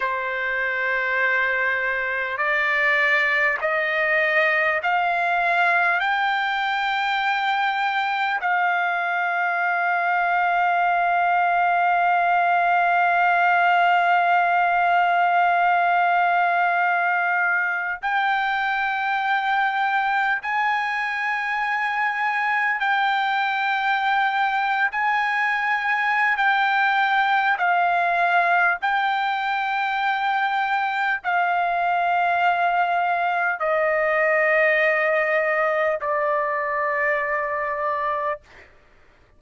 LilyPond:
\new Staff \with { instrumentName = "trumpet" } { \time 4/4 \tempo 4 = 50 c''2 d''4 dis''4 | f''4 g''2 f''4~ | f''1~ | f''2. g''4~ |
g''4 gis''2 g''4~ | g''8. gis''4~ gis''16 g''4 f''4 | g''2 f''2 | dis''2 d''2 | }